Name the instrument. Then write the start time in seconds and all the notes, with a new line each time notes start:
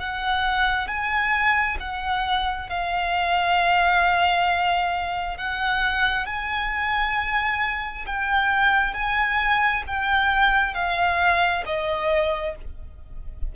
violin
0.00 F#5
0.88 G#5
1.80 F#5
2.69 F5
5.37 F#5
6.26 G#5
8.06 G5
8.94 G#5
9.87 G5
10.74 F5
11.66 D#5